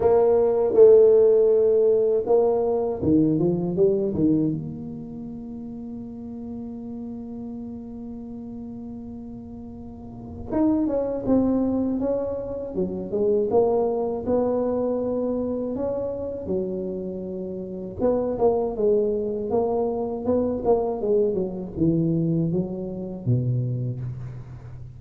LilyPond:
\new Staff \with { instrumentName = "tuba" } { \time 4/4 \tempo 4 = 80 ais4 a2 ais4 | dis8 f8 g8 dis8 ais2~ | ais1~ | ais2 dis'8 cis'8 c'4 |
cis'4 fis8 gis8 ais4 b4~ | b4 cis'4 fis2 | b8 ais8 gis4 ais4 b8 ais8 | gis8 fis8 e4 fis4 b,4 | }